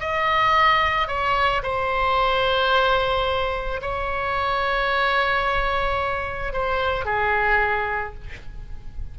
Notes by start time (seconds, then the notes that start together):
0.00 D#5
1.08 C#5
1.63 C5
3.82 C#5
6.53 C5
7.05 G#4